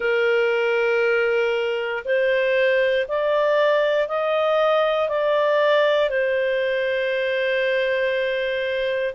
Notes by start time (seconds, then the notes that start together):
0.00 A#4
2.04 C5
3.07 D5
4.07 D#5
5.08 D5
6.09 C5